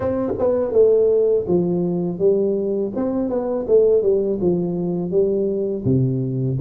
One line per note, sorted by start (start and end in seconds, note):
0.00 0.32 C4
0.39 0.72 B3
0.72 1.45 A3
1.47 2.19 F3
2.19 2.92 G3
2.95 3.29 C4
3.29 3.65 B3
3.67 4.02 A3
4.02 4.39 G3
4.41 5.11 F3
5.11 5.84 G3
5.84 6.58 C3